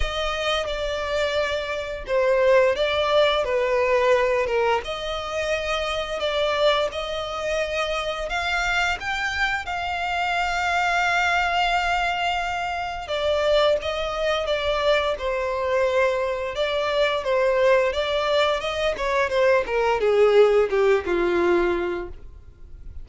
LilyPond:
\new Staff \with { instrumentName = "violin" } { \time 4/4 \tempo 4 = 87 dis''4 d''2 c''4 | d''4 b'4. ais'8 dis''4~ | dis''4 d''4 dis''2 | f''4 g''4 f''2~ |
f''2. d''4 | dis''4 d''4 c''2 | d''4 c''4 d''4 dis''8 cis''8 | c''8 ais'8 gis'4 g'8 f'4. | }